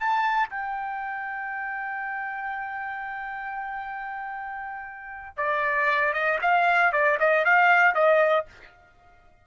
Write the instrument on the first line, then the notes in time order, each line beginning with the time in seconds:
trumpet
0.00 A5
0.50 G5
5.38 D5
6.14 D#5
6.42 F5
6.93 D5
7.20 D#5
7.45 F5
7.95 D#5